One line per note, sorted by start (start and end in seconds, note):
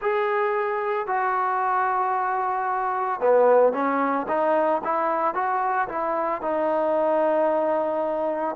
0.01 1.06 G#4
1.06 3.20 F#4
3.20 3.73 B3
3.73 4.26 C#4
4.28 4.81 D#4
4.84 5.34 E4
5.34 5.87 F#4
5.88 6.41 E4
6.41 8.55 D#4